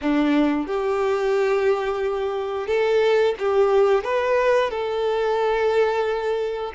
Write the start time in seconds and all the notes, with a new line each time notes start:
0.01 D4
0.66 G4
2.67 A4
3.38 G4
4.04 B4
4.70 A4